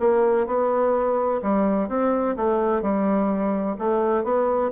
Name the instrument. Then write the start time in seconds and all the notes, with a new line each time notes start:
bassoon
0.00 A#3
0.47 B3
1.42 G3
1.89 C4
2.37 A3
2.82 G3
3.79 A3
4.24 B3